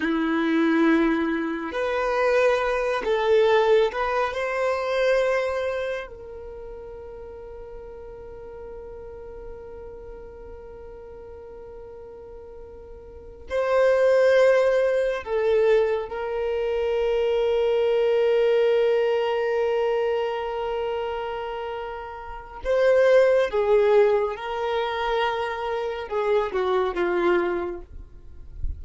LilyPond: \new Staff \with { instrumentName = "violin" } { \time 4/4 \tempo 4 = 69 e'2 b'4. a'8~ | a'8 b'8 c''2 ais'4~ | ais'1~ | ais'2.~ ais'8 c''8~ |
c''4. a'4 ais'4.~ | ais'1~ | ais'2 c''4 gis'4 | ais'2 gis'8 fis'8 f'4 | }